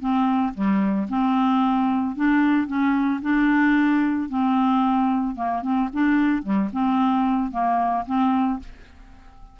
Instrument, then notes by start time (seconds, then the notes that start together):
clarinet
0.00 C4
0.54 G3
1.09 C4
2.16 D4
2.67 C#4
3.22 D4
4.29 C4
5.35 A#3
5.62 C4
5.93 D4
6.43 G3
6.73 C4
7.52 A#3
8.06 C4